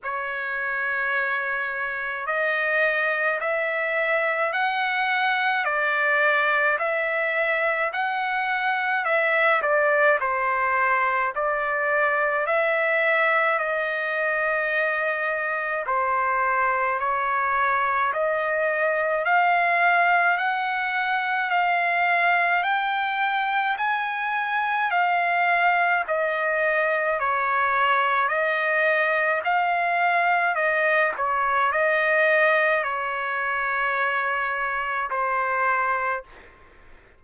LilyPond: \new Staff \with { instrumentName = "trumpet" } { \time 4/4 \tempo 4 = 53 cis''2 dis''4 e''4 | fis''4 d''4 e''4 fis''4 | e''8 d''8 c''4 d''4 e''4 | dis''2 c''4 cis''4 |
dis''4 f''4 fis''4 f''4 | g''4 gis''4 f''4 dis''4 | cis''4 dis''4 f''4 dis''8 cis''8 | dis''4 cis''2 c''4 | }